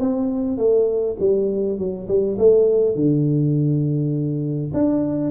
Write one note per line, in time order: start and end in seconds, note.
0.00 0.58 C4
0.58 1.17 A3
1.20 1.78 G3
1.78 2.08 F#3
2.08 2.38 G3
2.38 2.95 A3
2.95 4.72 D3
4.74 5.31 D4